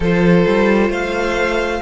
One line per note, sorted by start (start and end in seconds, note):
0.00 0.45 F3
0.00 1.82 F4
0.00 0.90 A4
0.00 0.92 C5
0.46 0.89 G3
0.89 1.80 A3
0.89 1.81 C5
0.89 1.82 F5